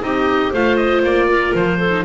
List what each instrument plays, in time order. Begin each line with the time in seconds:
0.00 double bass C4, clarinet D#4, viola G4, oboe D#5
0.50 double bass A3, viola F4, clarinet C5, oboe F5
0.76 oboe D#5
1.03 double bass A#3, oboe D5
1.29 clarinet A#4
1.54 double bass F3, oboe C5
1.78 clarinet A4
1.91 viola D#4